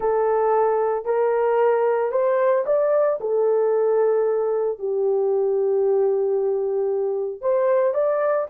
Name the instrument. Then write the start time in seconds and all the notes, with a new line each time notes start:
horn
0.00 A4
1.05 A#4
2.11 C5
2.66 D5
3.20 A4
4.78 G4
7.41 C5
7.94 D5